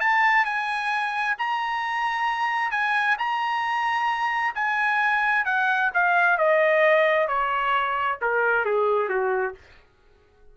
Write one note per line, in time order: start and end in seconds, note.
0.00 0.45 A5
0.45 1.36 G#5
1.38 2.71 A#5
2.71 3.16 G#5
3.18 4.55 A#5
4.55 5.45 G#5
5.45 5.90 F#5
5.94 6.38 F5
6.38 7.27 D#5
7.27 8.18 C#5
8.21 8.65 A#4
8.65 9.09 G#4
9.09 9.55 F#4